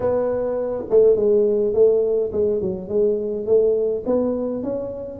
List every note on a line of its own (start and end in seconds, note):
0.00 0.84 B3
0.89 1.15 A3
1.15 1.73 G#3
1.73 2.31 A3
2.32 2.61 G#3
2.61 2.88 F#3
2.88 3.46 G#3
3.46 4.03 A3
4.05 4.63 B3
4.63 5.19 C#4